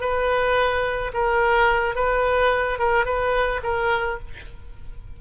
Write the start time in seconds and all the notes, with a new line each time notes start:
0.00 B4
1.13 A#4
1.95 B4
2.79 A#4
3.05 B4
3.63 A#4